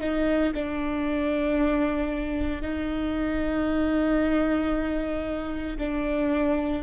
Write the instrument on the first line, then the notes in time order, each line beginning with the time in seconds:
viola
0.00 D#4
0.55 D4
2.62 D#4
5.78 D4